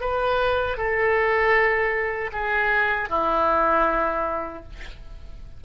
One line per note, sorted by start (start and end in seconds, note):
0.00 0.77 B4
0.77 2.31 A4
2.32 3.09 G#4
3.09 4.63 E4